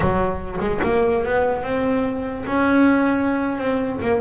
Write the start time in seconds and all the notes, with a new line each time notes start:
0.00 F#3
0.60 G#3
0.83 A#3
1.25 B3
1.63 C4
2.46 C#4
3.58 C4
4.01 A#3